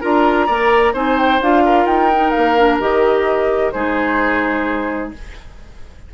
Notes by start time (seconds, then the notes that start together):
0.00 D4 F4 A#4 A#5
0.46 A#3 A#4 D5
0.93 C4 D#4 C5 G#5
1.18 G5
1.41 D4 F4 F5
1.64 A#4
1.85 D#4 G5
2.13 D#4
2.30 A#3 F5
2.57 D4
2.79 D#3 G4 D#5
3.71 G#3 D#4 G#4 C5